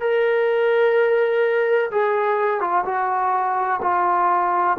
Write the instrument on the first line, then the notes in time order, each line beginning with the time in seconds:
trombone
0.00 A#4
1.91 G#4
2.60 F4
2.84 F#4
3.81 F4